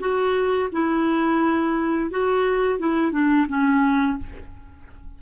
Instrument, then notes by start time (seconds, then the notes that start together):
clarinet
0.00 F#4
0.72 E4
2.11 F#4
2.79 E4
3.12 D4
3.49 C#4